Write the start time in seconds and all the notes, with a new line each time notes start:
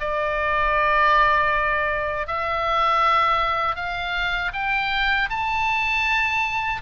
0.00 D5
2.27 E5
3.76 F5
4.53 G5
5.30 A5